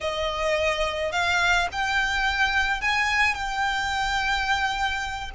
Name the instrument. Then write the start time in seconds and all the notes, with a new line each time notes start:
violin
0.01 D#5
1.11 F5
1.72 G5
2.81 G#5
3.34 G5